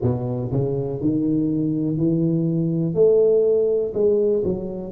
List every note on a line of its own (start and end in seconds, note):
0.02 0.51 B2
0.51 1.00 C#3
1.00 1.97 D#3
1.97 2.94 E3
2.94 3.93 A3
3.93 4.43 G#3
4.44 4.91 F#3